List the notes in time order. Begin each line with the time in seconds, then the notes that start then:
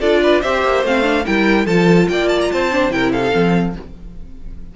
0.00 D4 F4 A4 D5
0.23 B4
0.41 C4 G4 C5 E5
0.63 A#3
0.83 A3 C4 F5
1.02 D4
1.26 G3 E4 A#4 G5
1.66 F3 F4 A4 A5
2.09 A#3 D5 G5
2.28 A5
2.41 A#5
2.52 C4 C5 A5
2.72 D4
2.91 C3 E4 A#4 G5
3.12 A4 F5
3.23 D#4
3.31 F3 C4